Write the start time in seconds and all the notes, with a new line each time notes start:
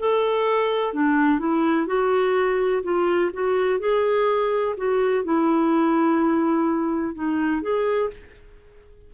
0.00 A4
0.94 D4
1.40 E4
1.87 F#4
2.83 F4
3.33 F#4
3.80 G#4
4.77 F#4
5.25 E4
7.15 D#4
7.62 G#4